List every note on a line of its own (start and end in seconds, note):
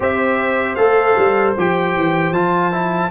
0.00 0.77 C4
0.00 0.77 G4
0.00 3.11 C5
0.00 0.75 E5
0.75 1.16 A3
0.75 1.55 A4
0.75 1.53 F5
1.17 1.56 G3
1.57 1.96 F3
1.57 2.34 G4
1.57 2.33 G5
1.96 2.31 E3
2.31 3.09 F3
2.31 2.72 F4
2.31 3.11 A5
2.72 3.11 E4